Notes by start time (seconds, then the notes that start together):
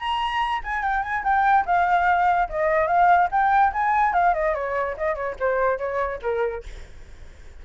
0.00 A#5
0.64 G#5
0.83 G5
1.03 G#5
1.24 G5
1.66 F5
2.50 D#5
2.88 F5
3.32 G5
3.73 G#5
4.14 F5
4.35 D#5
4.55 C#5
4.98 D#5
5.15 C#5
5.40 C5
5.79 C#5
6.23 A#4